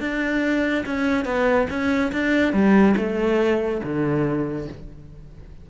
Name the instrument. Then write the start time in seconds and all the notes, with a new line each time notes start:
cello
0.00 D4
0.85 C#4
1.25 B3
1.70 C#4
2.12 D4
2.53 G3
2.97 A3
3.83 D3